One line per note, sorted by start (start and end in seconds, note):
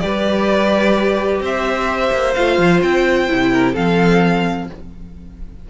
0.00 1.41 G3
0.00 2.34 G4
0.00 1.42 B4
0.00 1.40 D5
1.41 2.10 C4
1.41 3.51 C5
1.41 2.34 E5
2.12 2.35 A#3
2.34 2.58 A3
2.34 3.28 F4
2.34 2.80 F5
2.58 2.82 F3
2.82 3.29 C4
2.82 3.75 G5
3.28 3.77 C3
3.28 3.75 E4
3.52 3.73 A#4
3.73 4.70 F3
3.73 4.68 C4
3.73 4.66 A4
3.73 4.68 F5